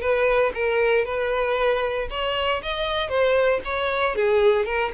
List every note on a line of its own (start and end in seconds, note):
0.00 0.52 B4
0.54 1.05 A#4
1.05 2.08 B4
2.10 2.61 C#5
2.62 3.09 D#5
3.09 3.60 C5
3.64 4.15 C#5
4.15 4.65 G#4
4.65 4.91 A#4